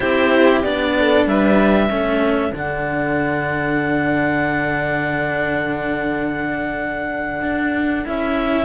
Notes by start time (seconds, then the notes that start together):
0.00 C4 E4 G4 C5
0.62 B3 D4 D5
0.98 A4
1.26 G3 B4 E5
1.89 A3 C#4 A4
2.51 D3 D4 F#5
7.42 D4
8.04 C#4 E4 E5